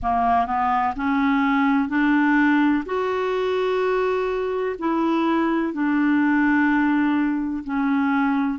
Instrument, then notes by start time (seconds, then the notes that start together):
clarinet
0.02 A#3
0.46 B3
0.95 C#4
1.88 D4
2.85 F#4
4.78 E4
5.73 D4
7.64 C#4